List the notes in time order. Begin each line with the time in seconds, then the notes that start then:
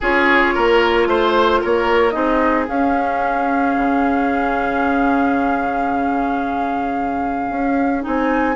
0.01 C#4 F4 G#4 C#5
0.54 A#3 A#4
1.06 A3 C5
1.61 A#3 A#4 C#5
2.10 C4 D#4 G#4 D#5
2.68 C#4 F5
3.76 C#3
7.50 C#4
8.01 C4 D#4 G#5